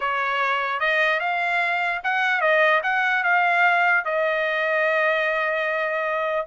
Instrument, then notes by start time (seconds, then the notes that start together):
trumpet
0.00 C#5
0.79 D#5
1.20 F5
2.03 F#5
2.40 D#5
2.83 F#5
3.23 F5
4.04 D#5